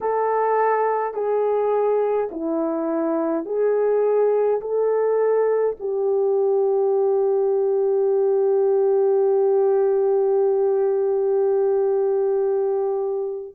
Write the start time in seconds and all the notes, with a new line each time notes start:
0.01 A4
1.13 G#4
2.31 E4
3.45 G#4
4.60 A4
5.79 G4